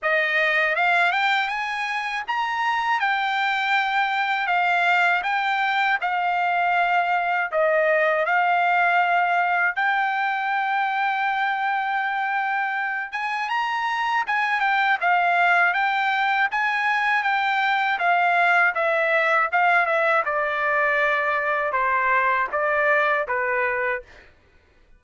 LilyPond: \new Staff \with { instrumentName = "trumpet" } { \time 4/4 \tempo 4 = 80 dis''4 f''8 g''8 gis''4 ais''4 | g''2 f''4 g''4 | f''2 dis''4 f''4~ | f''4 g''2.~ |
g''4. gis''8 ais''4 gis''8 g''8 | f''4 g''4 gis''4 g''4 | f''4 e''4 f''8 e''8 d''4~ | d''4 c''4 d''4 b'4 | }